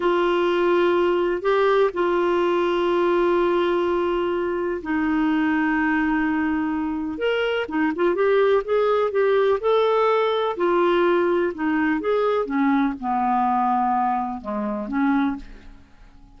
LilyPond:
\new Staff \with { instrumentName = "clarinet" } { \time 4/4 \tempo 4 = 125 f'2. g'4 | f'1~ | f'2 dis'2~ | dis'2. ais'4 |
dis'8 f'8 g'4 gis'4 g'4 | a'2 f'2 | dis'4 gis'4 cis'4 b4~ | b2 gis4 cis'4 | }